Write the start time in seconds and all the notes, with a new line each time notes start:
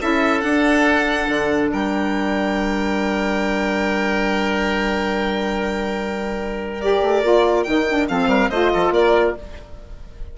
0.00 C#4 E4 A4 E5
0.41 D4 F#5
1.29 D3
1.71 G3 A#4 G5
6.81 G4 D5
7.01 A3
7.23 A#3 F4
7.64 D#3 D#4 G5
7.89 D4
8.08 F3 C4 A4 F5
8.27 G3 A#4
8.50 A3 F4 C5 D#5
8.73 F3 A4
8.91 A#3 A#4 D5